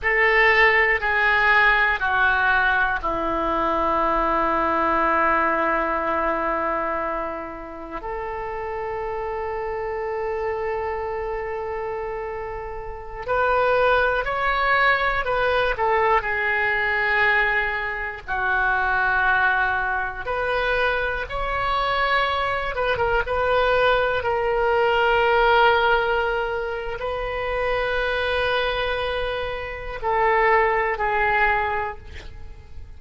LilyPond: \new Staff \with { instrumentName = "oboe" } { \time 4/4 \tempo 4 = 60 a'4 gis'4 fis'4 e'4~ | e'1 | a'1~ | a'4~ a'16 b'4 cis''4 b'8 a'16~ |
a'16 gis'2 fis'4.~ fis'16~ | fis'16 b'4 cis''4. b'16 ais'16 b'8.~ | b'16 ais'2~ ais'8. b'4~ | b'2 a'4 gis'4 | }